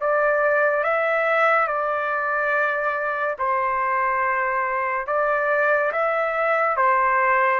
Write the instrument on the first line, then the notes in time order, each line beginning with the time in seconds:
trumpet
0.00 D5
0.84 E5
1.67 D5
3.38 C5
5.07 D5
5.92 E5
6.76 C5